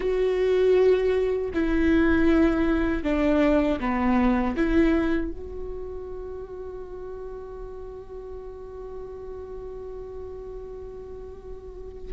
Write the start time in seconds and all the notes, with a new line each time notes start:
0.00 F#4
1.53 E4
3.03 D4
3.79 B3
4.56 E4
5.31 F#4